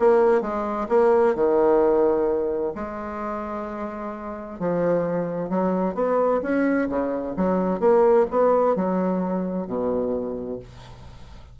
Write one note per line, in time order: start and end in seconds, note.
0.00 0.42 A#3
0.42 0.88 G#3
0.89 1.35 A#3
1.36 2.74 D#3
2.75 4.60 G#3
4.60 5.50 F3
5.50 5.95 F#3
5.95 6.41 B3
6.43 6.89 C#4
6.90 7.36 C#3
7.37 7.80 F#3
7.80 8.27 A#3
8.31 8.76 B3
8.76 9.68 F#3
9.68 10.60 B2